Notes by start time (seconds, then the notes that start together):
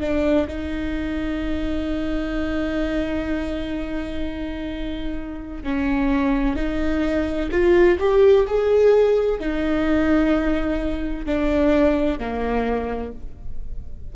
0.00 D4
0.48 D#4
5.63 C#4
6.56 D#4
7.51 F4
7.99 G4
8.47 G#4
9.40 D#4
11.26 D4
12.19 A#3